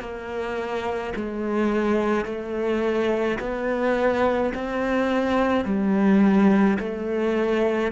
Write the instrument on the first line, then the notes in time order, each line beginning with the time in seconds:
cello
0.00 A#3
1.15 G#3
2.25 A3
3.40 B3
4.54 C4
5.64 G3
6.79 A3